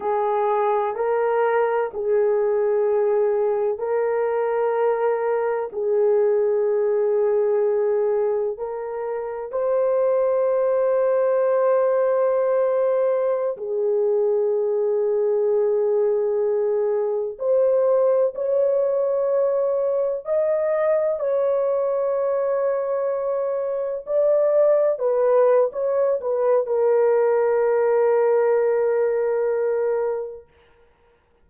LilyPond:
\new Staff \with { instrumentName = "horn" } { \time 4/4 \tempo 4 = 63 gis'4 ais'4 gis'2 | ais'2 gis'2~ | gis'4 ais'4 c''2~ | c''2~ c''16 gis'4.~ gis'16~ |
gis'2~ gis'16 c''4 cis''8.~ | cis''4~ cis''16 dis''4 cis''4.~ cis''16~ | cis''4~ cis''16 d''4 b'8. cis''8 b'8 | ais'1 | }